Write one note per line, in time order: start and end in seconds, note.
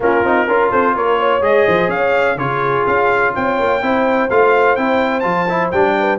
0.00 0.23 A#3
0.00 0.25 C#4
0.00 0.47 F4
0.00 0.71 A#4
0.23 0.47 C4
0.23 0.48 D#4
0.47 0.71 C#4
0.47 1.41 F4
0.47 0.70 A#4
0.70 0.95 C4
0.70 0.94 A4
0.70 0.95 C5
0.95 1.40 A#3
0.95 1.19 A#4
0.95 1.43 C#5
1.19 1.67 C#5
1.40 1.64 G#3
1.40 2.37 G#4
1.40 1.90 D#5
1.67 1.87 F3
1.67 1.88 C5
1.87 2.35 C#4
1.87 2.36 C#5
1.87 2.37 F5
2.35 2.83 C#3
2.35 3.81 F4
2.35 3.34 G#4
2.35 2.85 C#5
2.86 3.34 C#4
2.86 3.34 F5
3.35 3.59 C4
3.35 3.82 C#5
3.35 4.30 G5
3.59 3.81 A#3
3.81 4.29 C4
3.81 4.29 E4
3.81 5.96 C5
4.30 4.77 A3
4.30 4.77 F4
4.30 4.75 F5
4.75 5.24 C4
4.75 5.22 E4
4.75 5.20 G5
5.20 5.72 F3
5.20 5.46 F4
5.20 5.67 A5
5.48 5.72 E4
5.71 6.18 G3
5.71 6.18 D4
5.71 6.18 G5
5.99 6.18 B4